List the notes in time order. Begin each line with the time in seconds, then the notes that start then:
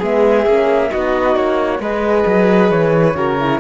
0.00 G#3 B3 G#4 E5
0.46 A#3 C#4
0.90 B3 D#4 F#4 D#5
1.37 A#3 C#5
1.80 G#3 G#4 B4 D#5
2.26 F#3
2.71 E3 C#5
3.15 C#3 F#4 A#4
3.40 E4